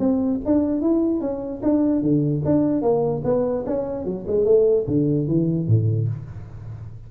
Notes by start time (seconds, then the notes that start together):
0.00 C4
0.46 D4
0.82 E4
1.21 C#4
1.63 D4
2.02 D3
2.45 D4
2.82 A#3
3.25 B3
3.67 C#4
4.06 F#3
4.27 G#3
4.46 A3
4.88 D3
5.28 E3
5.68 A2